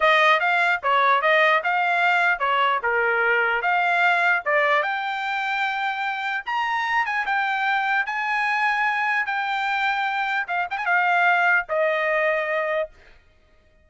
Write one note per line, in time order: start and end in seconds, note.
0.00 0.39 D#5
0.39 0.80 F5
0.83 1.21 C#5
1.21 1.62 D#5
1.63 2.39 F5
2.39 2.79 C#5
2.83 3.61 A#4
3.61 4.42 F5
4.45 4.82 D5
4.82 6.44 G5
6.45 7.05 A#5
7.05 7.25 G#5
7.26 8.06 G5
8.06 9.26 G#5
9.26 10.46 G5
10.47 10.67 F5
10.70 10.77 G5
10.77 10.85 G#5
10.85 11.66 F5
11.68 12.89 D#5